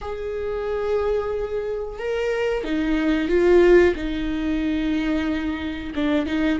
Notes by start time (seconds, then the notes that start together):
0.01 G#4
1.98 A#4
2.64 D#4
3.28 F4
3.95 D#4
5.95 D4
6.25 D#4